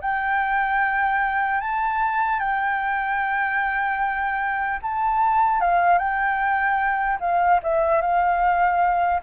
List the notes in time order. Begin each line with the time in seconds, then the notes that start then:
0.00 G5
1.60 A5
2.39 G5
4.82 A5
5.60 F5
5.98 G5
7.20 F5
7.63 E5
8.01 F5